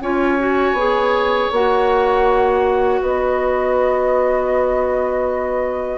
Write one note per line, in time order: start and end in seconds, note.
0.00 0.72 C#4
0.00 0.38 F4
0.00 3.01 C#5
0.00 1.52 G#5
0.38 0.76 F#4
0.72 1.47 B3
0.72 1.52 G#4
1.51 3.01 A#3
1.51 5.98 F#4
1.51 3.02 F#5
3.01 5.98 B3
3.01 5.98 B4
3.01 5.98 D#5